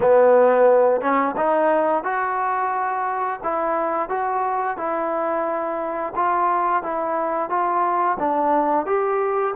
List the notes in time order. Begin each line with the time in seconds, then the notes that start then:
0.00 B3
1.01 C#4
1.36 D#4
2.03 F#4
3.43 E4
4.09 F#4
4.77 E4
6.15 F4
6.82 E4
7.49 F4
8.19 D4
8.86 G4